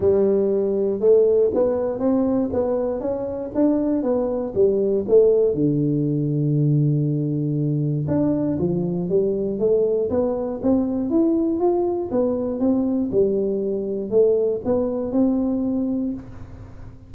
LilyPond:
\new Staff \with { instrumentName = "tuba" } { \time 4/4 \tempo 4 = 119 g2 a4 b4 | c'4 b4 cis'4 d'4 | b4 g4 a4 d4~ | d1 |
d'4 f4 g4 a4 | b4 c'4 e'4 f'4 | b4 c'4 g2 | a4 b4 c'2 | }